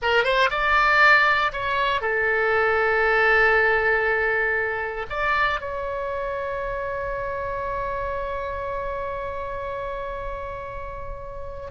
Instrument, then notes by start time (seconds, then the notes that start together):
oboe
0.01 A#4
0.24 C5
0.50 D5
1.52 C#5
2.01 A4
5.09 D5
5.60 C#5